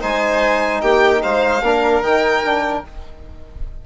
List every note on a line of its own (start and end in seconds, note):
0.00 0.82 G#3
0.00 1.62 D#4
0.00 0.82 C5
0.00 0.82 G#5
0.82 1.23 A#3
0.82 1.23 G4
0.82 1.22 G5
1.23 1.62 G#3
1.23 1.63 C5
1.23 2.03 F5
1.62 2.01 A#3
1.62 2.04 D4
1.62 2.86 A#4
2.01 2.82 D#3
2.01 2.44 D#4
2.01 2.84 G5
2.44 2.85 D4